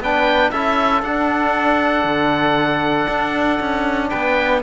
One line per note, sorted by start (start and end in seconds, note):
0.00 0.51 B3
0.00 0.53 D4
0.00 0.53 B4
0.00 0.51 G5
0.51 1.03 C#4
0.51 1.05 E4
0.51 4.10 A4
0.51 1.03 E5
1.03 2.04 D4
1.03 4.63 D4
1.03 4.09 F#5
2.04 3.07 D3
3.08 3.60 D4
3.60 4.11 C#4
4.09 4.63 B3
4.09 4.61 B4
4.09 4.61 G5